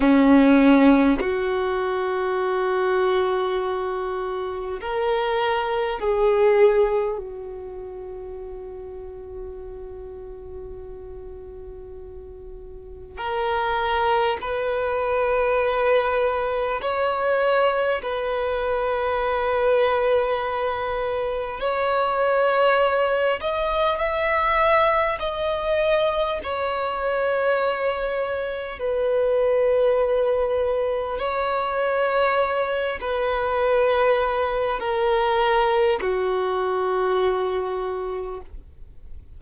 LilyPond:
\new Staff \with { instrumentName = "violin" } { \time 4/4 \tempo 4 = 50 cis'4 fis'2. | ais'4 gis'4 fis'2~ | fis'2. ais'4 | b'2 cis''4 b'4~ |
b'2 cis''4. dis''8 | e''4 dis''4 cis''2 | b'2 cis''4. b'8~ | b'4 ais'4 fis'2 | }